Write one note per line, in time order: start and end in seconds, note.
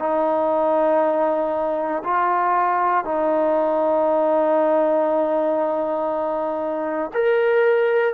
0.00 2.03 D#4
2.04 3.05 F4
3.05 7.12 D#4
7.14 8.14 A#4